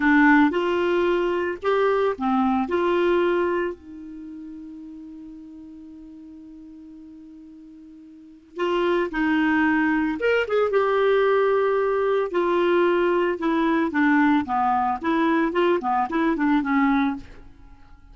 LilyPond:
\new Staff \with { instrumentName = "clarinet" } { \time 4/4 \tempo 4 = 112 d'4 f'2 g'4 | c'4 f'2 dis'4~ | dis'1~ | dis'1 |
f'4 dis'2 ais'8 gis'8 | g'2. f'4~ | f'4 e'4 d'4 b4 | e'4 f'8 b8 e'8 d'8 cis'4 | }